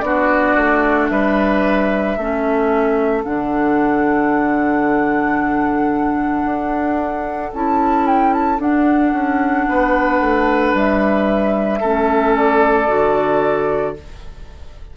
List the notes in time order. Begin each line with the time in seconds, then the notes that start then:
0.00 B3 D4 F#4 D5
0.56 A3
1.09 G3 B4 E5
2.17 A3 C#4 A4
3.23 D3 D4 F#5
6.44 D4
7.53 C#4 E4 A5
8.06 G5
8.33 A5
8.58 D4 F#5
9.12 C#4
9.68 B3 B4
10.20 A3
10.73 G3 E5
11.80 A3 C#4 A4
12.35 D5
12.87 D3 F#4